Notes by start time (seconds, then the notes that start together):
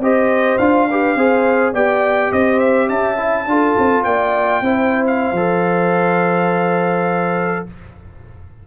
0.00 C4 G4 C5 D#5
0.58 D4 F4 F5
0.89 G4 B4
1.16 C4 G#4 C5
1.73 B3 G4 D5 G5
2.32 C4 C5 D#5
2.59 E5
2.88 C#4 E5 A5
3.17 E4
3.47 D4 F4 A4
3.78 C4
4.04 A#3 D5 G5
4.61 C4 E4 C5
5.07 F5
5.32 F3 A4